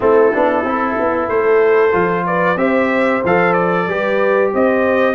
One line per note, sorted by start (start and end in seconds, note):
0.00 0.33 A3
0.00 0.32 C4
0.00 1.28 E4
0.00 1.28 A4
0.32 0.63 B3
0.32 0.65 D4
0.63 0.95 C4
0.63 1.92 E4
0.99 1.28 B3
1.28 1.93 A3
1.28 2.25 A4
1.28 2.25 C5
1.92 2.56 F3
1.92 2.56 F4
2.26 2.58 B4
2.26 2.57 D5
2.56 3.20 C4
2.56 3.22 G4
2.56 3.87 C5
2.56 3.22 E5
3.24 3.87 F3
3.24 3.89 A4
3.24 3.53 F5
3.53 4.50 D5
3.87 4.51 G3
3.87 5.14 G4
3.87 4.52 B4
4.53 5.14 C4
4.53 5.14 C5
4.53 5.14 D#5